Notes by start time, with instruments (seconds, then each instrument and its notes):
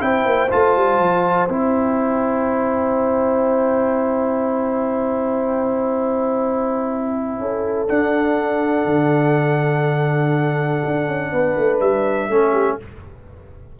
0.00 tuba C4, trombone E4, horn C5, trumpet G5
0.25 tuba A#3
0.50 tuba A3, trombone F4, trumpet A5
0.76 tuba G3
0.99 tuba F3
1.49 tuba C4, trombone E4, trumpet G5
7.39 tuba C#4, horn A4
7.88 trombone D4, tuba D4, trumpet F#5
8.86 tuba D3
10.85 tuba D4
11.08 tuba C#4
11.32 tuba B3, horn B4
11.57 tuba A3
11.80 tuba G3, trumpet E5
12.29 tuba A3, trombone C#4, horn A4
12.53 horn G4